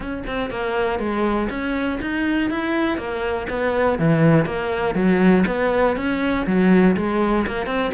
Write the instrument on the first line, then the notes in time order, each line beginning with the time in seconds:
cello
0.00 C#4
0.26 C4
0.50 A#3
0.99 G#3
1.49 C#4
2.01 D#4
2.50 E4
2.97 A#3
3.49 B3
3.98 E3
4.45 A#3
4.95 F#3
5.46 B3
5.96 C#4
6.46 F#3
6.96 G#3
7.47 A#3
7.66 C4